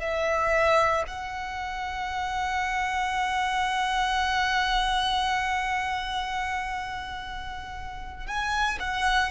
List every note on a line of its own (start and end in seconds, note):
0.00 1.03 E5
1.07 8.27 F#5
8.27 8.78 G#5
8.79 9.31 F#5